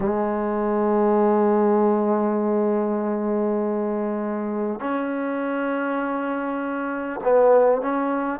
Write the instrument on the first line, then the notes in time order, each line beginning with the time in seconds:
trombone
0.00 G#3
4.80 C#4
7.23 B3
7.81 C#4